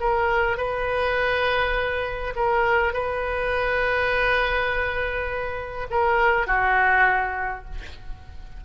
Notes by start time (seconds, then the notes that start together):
0.00 A#4
0.57 B4
2.35 A#4
2.93 B4
5.90 A#4
6.47 F#4